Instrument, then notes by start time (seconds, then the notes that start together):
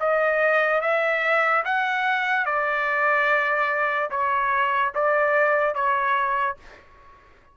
trumpet
0.00 D#5
0.81 E5
1.65 F#5
2.45 D5
4.10 C#5
4.95 D5
5.75 C#5